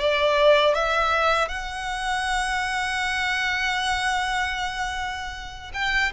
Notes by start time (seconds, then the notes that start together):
0.00 D5
0.74 E5
1.49 F#5
5.74 G5